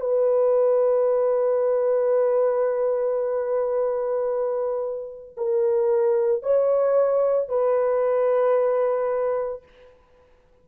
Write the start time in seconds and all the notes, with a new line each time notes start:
0.00 B4
5.37 A#4
6.42 C#5
7.49 B4